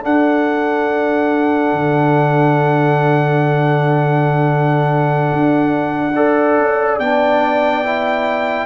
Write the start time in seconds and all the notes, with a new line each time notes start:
0.00 D4 A4 F#5
1.72 D3
5.32 D4
6.14 A4 D5
6.58 C#4
6.98 B3 D4 G5
7.84 E4